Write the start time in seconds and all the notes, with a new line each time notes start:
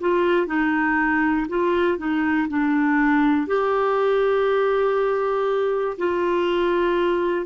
0.00 F4
0.47 D#4
1.48 F4
1.97 D#4
2.48 D4
3.47 G4
5.97 F4